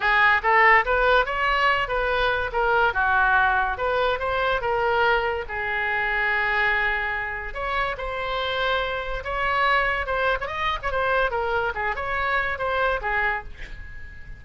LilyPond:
\new Staff \with { instrumentName = "oboe" } { \time 4/4 \tempo 4 = 143 gis'4 a'4 b'4 cis''4~ | cis''8 b'4. ais'4 fis'4~ | fis'4 b'4 c''4 ais'4~ | ais'4 gis'2.~ |
gis'2 cis''4 c''4~ | c''2 cis''2 | c''8. cis''16 dis''8. cis''16 c''4 ais'4 | gis'8 cis''4. c''4 gis'4 | }